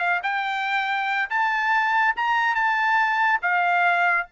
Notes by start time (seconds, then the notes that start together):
0.00 F5
0.24 G5
1.30 A5
2.17 A#5
2.56 A5
3.42 F5